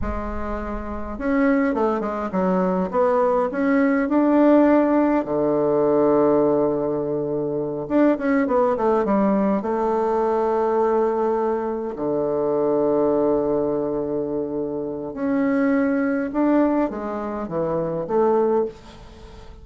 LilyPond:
\new Staff \with { instrumentName = "bassoon" } { \time 4/4 \tempo 4 = 103 gis2 cis'4 a8 gis8 | fis4 b4 cis'4 d'4~ | d'4 d2.~ | d4. d'8 cis'8 b8 a8 g8~ |
g8 a2.~ a8~ | a8 d2.~ d8~ | d2 cis'2 | d'4 gis4 e4 a4 | }